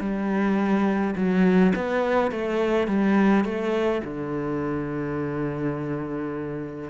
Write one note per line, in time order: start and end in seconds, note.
0.00 1.14 G3
1.16 1.73 F#3
1.75 2.31 B3
2.31 2.87 A3
2.87 3.44 G3
3.45 4.02 A3
4.04 6.90 D3